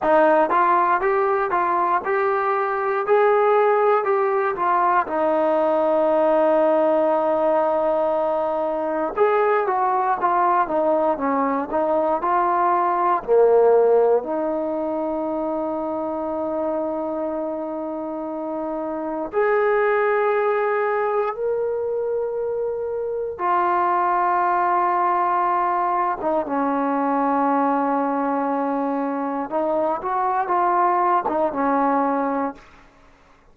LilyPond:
\new Staff \with { instrumentName = "trombone" } { \time 4/4 \tempo 4 = 59 dis'8 f'8 g'8 f'8 g'4 gis'4 | g'8 f'8 dis'2.~ | dis'4 gis'8 fis'8 f'8 dis'8 cis'8 dis'8 | f'4 ais4 dis'2~ |
dis'2. gis'4~ | gis'4 ais'2 f'4~ | f'4.~ f'16 dis'16 cis'2~ | cis'4 dis'8 fis'8 f'8. dis'16 cis'4 | }